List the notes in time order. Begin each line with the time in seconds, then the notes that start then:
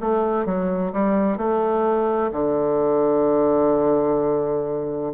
0.00 A3
0.45 F#3
0.92 G3
1.37 A3
2.31 D3